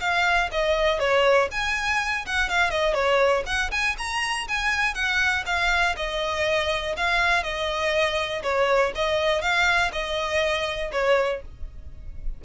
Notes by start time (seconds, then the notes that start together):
0.00 F5
0.52 D#5
0.99 C#5
1.51 G#5
2.26 F#5
2.49 F5
2.70 D#5
2.94 C#5
3.46 F#5
3.71 G#5
3.98 A#5
4.48 G#5
4.94 F#5
5.46 F5
5.97 D#5
6.97 F5
7.43 D#5
8.43 C#5
8.95 D#5
9.42 F5
9.92 D#5
10.92 C#5